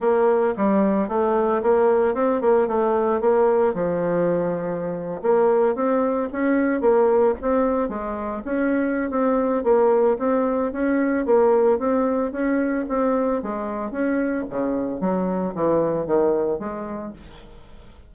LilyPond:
\new Staff \with { instrumentName = "bassoon" } { \time 4/4 \tempo 4 = 112 ais4 g4 a4 ais4 | c'8 ais8 a4 ais4 f4~ | f4.~ f16 ais4 c'4 cis'16~ | cis'8. ais4 c'4 gis4 cis'16~ |
cis'4 c'4 ais4 c'4 | cis'4 ais4 c'4 cis'4 | c'4 gis4 cis'4 cis4 | fis4 e4 dis4 gis4 | }